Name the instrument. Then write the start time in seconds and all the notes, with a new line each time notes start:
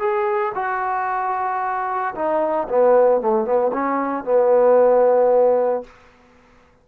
trombone
0.00 G#4
0.56 F#4
2.15 D#4
2.69 B3
3.22 A3
3.45 B3
3.73 C#4
4.25 B3